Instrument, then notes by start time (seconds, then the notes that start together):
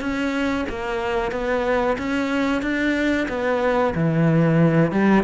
cello
0.00 C#4
0.69 A#3
1.31 B3
1.98 C#4
2.62 D4
3.28 B3
3.94 E3
4.91 G3